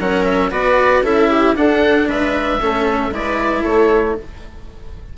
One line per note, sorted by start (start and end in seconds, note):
0.00 0.52 F#3
0.00 0.51 C#4
0.00 0.52 A#4
0.00 0.25 F#5
0.25 0.51 E5
0.51 1.03 B3
0.51 1.03 F#4
0.51 1.04 B4
0.51 1.05 D5
1.03 1.55 C#4
1.03 1.56 E4
1.03 1.30 A4
1.03 1.56 E5
1.30 1.57 G4
1.56 2.08 D4
1.56 2.61 D4
1.56 2.09 A4
1.56 2.09 F#5
2.08 2.61 G#3
2.08 2.61 B4
2.08 3.14 E5
2.61 3.11 A3
2.61 3.12 C#4
2.61 3.13 A4
3.11 3.63 G#3
3.11 4.16 E4
3.11 3.63 B4
3.11 3.64 D5
3.63 4.18 A3
3.63 4.15 A4
3.63 4.17 C#5